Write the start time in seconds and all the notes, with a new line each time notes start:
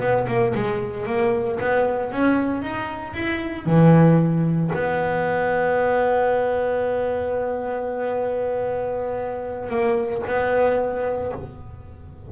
0.00 B3
0.28 A#3
0.55 G#3
1.06 A#3
1.61 B3
2.12 C#4
2.62 D#4
3.14 E4
3.66 E3
4.74 B3
9.70 A#3
10.27 B3